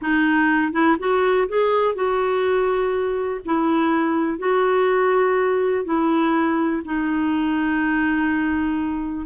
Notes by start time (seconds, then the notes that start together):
0.01 D#4
0.72 E4
0.99 F#4
1.48 G#4
1.94 F#4
3.45 E4
4.38 F#4
5.84 E4
6.84 D#4